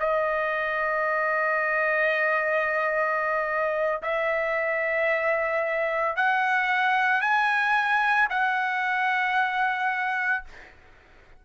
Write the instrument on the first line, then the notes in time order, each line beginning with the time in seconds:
trumpet
0.00 D#5
4.02 E5
6.17 F#5
7.21 G#5
8.30 F#5